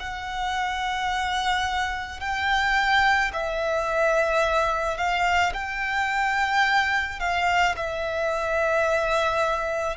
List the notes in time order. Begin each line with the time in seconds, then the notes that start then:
0.00 F#5
2.20 G5
3.33 E5
4.97 F5
5.54 G5
7.20 F5
7.77 E5